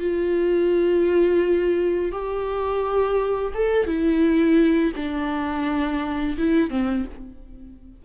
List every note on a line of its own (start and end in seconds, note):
0.00 2.12 F4
2.12 3.53 G4
3.54 3.87 A4
3.87 4.93 E4
4.96 6.37 D4
6.38 6.70 E4
6.70 7.05 C4